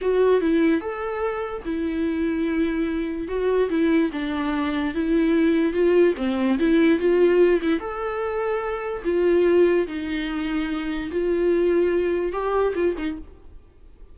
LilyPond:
\new Staff \with { instrumentName = "viola" } { \time 4/4 \tempo 4 = 146 fis'4 e'4 a'2 | e'1 | fis'4 e'4 d'2 | e'2 f'4 c'4 |
e'4 f'4. e'8 a'4~ | a'2 f'2 | dis'2. f'4~ | f'2 g'4 f'8 dis'8 | }